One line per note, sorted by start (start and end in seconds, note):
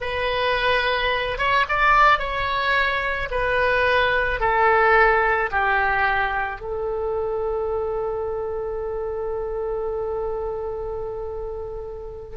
0.01 1.38 B4
1.38 1.65 C#5
1.68 2.18 D5
2.18 3.29 C#5
3.31 4.40 B4
4.40 5.50 A4
5.51 6.61 G4
6.61 12.36 A4